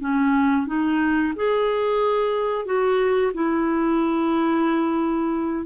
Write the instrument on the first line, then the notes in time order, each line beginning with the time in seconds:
clarinet
0.00 C#4
0.67 D#4
1.36 G#4
2.65 F#4
3.34 E4